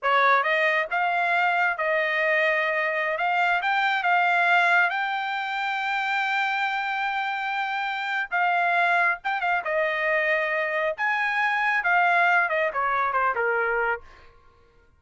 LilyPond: \new Staff \with { instrumentName = "trumpet" } { \time 4/4 \tempo 4 = 137 cis''4 dis''4 f''2 | dis''2.~ dis''16 f''8.~ | f''16 g''4 f''2 g''8.~ | g''1~ |
g''2. f''4~ | f''4 g''8 f''8 dis''2~ | dis''4 gis''2 f''4~ | f''8 dis''8 cis''4 c''8 ais'4. | }